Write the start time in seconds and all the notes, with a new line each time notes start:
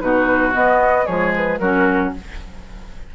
0.00 B2 D#4 F#4 B4
0.52 B3 D#5
1.06 F3 G#3 G#4 C#5
1.36 B4
1.58 F#3 C#4 F#4 A#4